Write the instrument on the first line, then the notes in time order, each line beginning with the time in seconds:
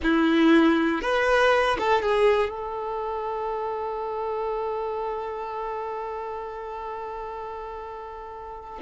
violin
0.02 E4
1.01 B4
1.78 A4
2.02 G#4
2.49 A4